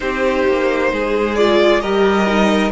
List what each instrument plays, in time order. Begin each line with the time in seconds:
0.00 cello C4, viola D#4, violin G4 C5
0.47 cello A#3
0.92 cello G#3, violin G#4
1.35 viola F4, violin D5
1.80 cello G3, viola G4, violin A#4 D#5
2.27 viola D#4